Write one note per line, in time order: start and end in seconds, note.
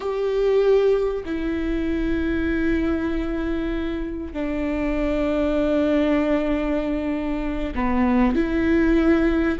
0.00 1.24 G4
1.25 4.33 E4
4.33 7.73 D4
7.75 8.35 B3
8.35 9.58 E4